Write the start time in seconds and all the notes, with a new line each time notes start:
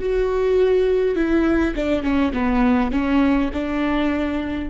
0.00 F#4
1.16 E4
1.76 D4
2.03 C#4
2.33 B3
2.92 C#4
3.53 D4